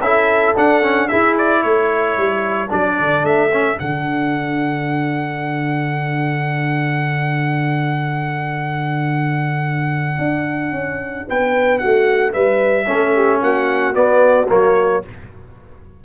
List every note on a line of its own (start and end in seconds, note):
0.00 0.54 C#4
0.00 0.56 E4
0.00 1.09 A4
0.00 0.55 E5
0.56 0.82 D4
0.56 1.11 D4
0.56 1.08 F#5
0.82 1.09 C#4
1.08 2.69 E4
1.08 1.64 E4
1.08 1.63 G#4
1.08 1.34 E5
1.38 1.63 D5
1.63 2.17 A3
1.63 11.27 A4
1.63 2.70 C#5
2.17 2.71 G3
2.69 2.99 F#3
2.69 3.49 D4
2.69 3.25 D5
2.99 3.22 D3
3.22 3.76 A3
3.22 3.79 E5
3.52 3.74 C#4
3.74 12.84 D4
3.74 11.29 F#5
3.80 10.18 D3
10.18 10.71 D4
10.71 11.25 C#4
11.28 11.83 B3
11.28 11.81 B4
11.28 11.78 G5
11.78 12.33 F#4
11.78 12.32 F#5
11.84 12.34 A3
12.33 12.87 G3
12.33 12.86 B4
12.33 13.40 E5
12.86 13.41 A3
12.86 13.93 C#4
12.86 13.14 A4
13.15 13.42 G4
13.41 13.95 A#3
13.41 15.04 F#4
13.41 13.94 F#5
13.93 14.47 B3
13.93 14.49 B3
13.93 14.48 D5
14.48 15.04 F#3
14.48 15.02 A#3
14.48 15.04 C#5